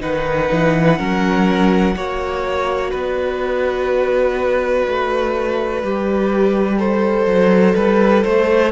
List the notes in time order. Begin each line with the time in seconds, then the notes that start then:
0.00 D#3 D#4 B4 F#5
0.52 E3
0.97 F#3 C#4 A#4
1.95 A#3 F#4 C#5
2.91 B3 B4 D5
4.87 A3
5.83 G3 G4
6.77 A4 C5
7.26 F#3
7.75 G3 B4
8.23 A3 C5